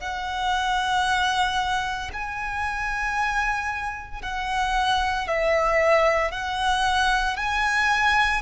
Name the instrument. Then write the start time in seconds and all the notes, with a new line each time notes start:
violin
0.00 F#5
2.12 G#5
4.22 F#5
5.27 E5
6.31 F#5
7.36 G#5